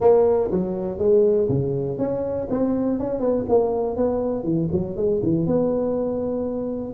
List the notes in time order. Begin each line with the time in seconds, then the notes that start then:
0.00 A#3
0.51 F#3
0.98 G#3
1.48 C#3
1.98 C#4
2.50 C4
2.99 C#4
3.20 B3
3.48 A#3
3.96 B3
4.43 E3
4.72 F#3
4.96 G#3
5.22 E3
5.46 B3